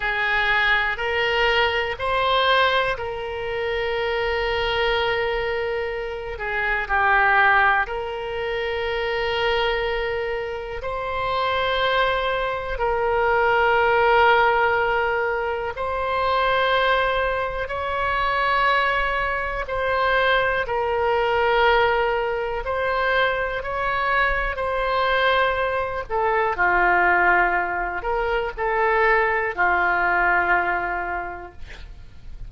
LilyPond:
\new Staff \with { instrumentName = "oboe" } { \time 4/4 \tempo 4 = 61 gis'4 ais'4 c''4 ais'4~ | ais'2~ ais'8 gis'8 g'4 | ais'2. c''4~ | c''4 ais'2. |
c''2 cis''2 | c''4 ais'2 c''4 | cis''4 c''4. a'8 f'4~ | f'8 ais'8 a'4 f'2 | }